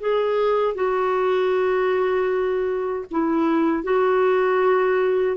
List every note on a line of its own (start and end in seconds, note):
0.00 0.75 G#4
0.75 3.06 F#4
3.11 3.84 E4
3.84 5.37 F#4